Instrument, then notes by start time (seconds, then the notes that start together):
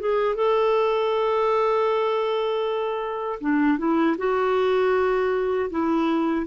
clarinet
0.00 G#4
0.36 A4
3.41 D4
3.78 E4
4.18 F#4
5.70 E4